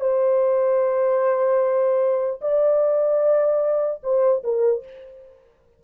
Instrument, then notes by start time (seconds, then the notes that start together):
horn
0.00 C5
2.41 D5
4.03 C5
4.43 A#4